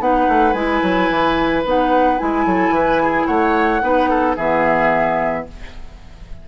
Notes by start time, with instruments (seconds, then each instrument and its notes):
0.00 bassoon B3, clarinet D#4, oboe B4, flute F#5
0.29 bassoon A3
0.53 bassoon G#3, clarinet E4, flute G#5
0.83 bassoon F#3
1.11 bassoon E3
1.65 bassoon B3, clarinet D#4, flute F#5
2.18 bassoon G#3, clarinet E4, flute G#5
2.46 bassoon F#3, oboe A4
2.70 bassoon E3, oboe B4
3.03 oboe G#4
3.27 bassoon A3, oboe C#5, flute F#5
3.82 bassoon B3, clarinet D#4, oboe B4
4.10 oboe A4
4.36 bassoon E3, clarinet B3, oboe G#4, flute E5